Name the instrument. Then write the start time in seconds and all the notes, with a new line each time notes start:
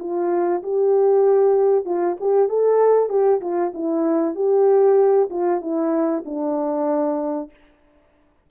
horn
0.00 F4
0.63 G4
1.86 F4
2.20 G4
2.49 A4
3.09 G4
3.41 F4
3.74 E4
4.36 G4
5.30 F4
5.61 E4
6.25 D4